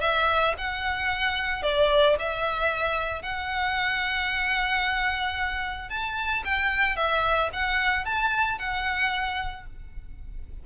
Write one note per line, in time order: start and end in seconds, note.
0.00 0.54 E5
0.57 1.62 F#5
1.62 2.16 D5
2.18 3.22 E5
3.22 5.89 F#5
5.89 6.43 A5
6.44 6.96 G5
6.96 7.49 E5
7.53 8.05 F#5
8.05 8.58 A5
8.58 9.66 F#5